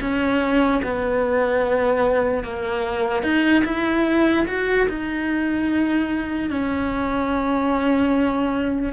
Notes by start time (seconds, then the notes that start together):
0.00 C#4
0.83 B3
2.43 A#3
3.22 D#4
3.64 E4
4.47 F#4
4.88 D#4
6.49 C#4